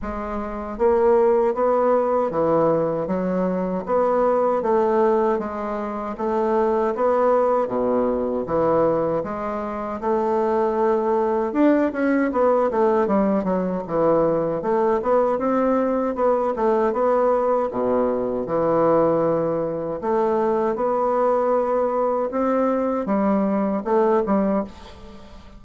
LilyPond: \new Staff \with { instrumentName = "bassoon" } { \time 4/4 \tempo 4 = 78 gis4 ais4 b4 e4 | fis4 b4 a4 gis4 | a4 b4 b,4 e4 | gis4 a2 d'8 cis'8 |
b8 a8 g8 fis8 e4 a8 b8 | c'4 b8 a8 b4 b,4 | e2 a4 b4~ | b4 c'4 g4 a8 g8 | }